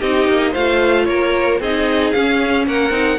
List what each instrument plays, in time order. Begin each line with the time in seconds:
0.00 cello C4, viola D#4, violin G4 D#5
0.28 cello A#3
0.51 cello A3, viola F4, violin C5 F5
1.05 cello A#3, violin A#4 C#5
1.60 cello C4, viola D#4, violin G#4 D#5
2.12 cello C#4, viola C#4, violin F5
2.67 cello A#3, violin A#4 F#5
2.90 cello C4, viola D#4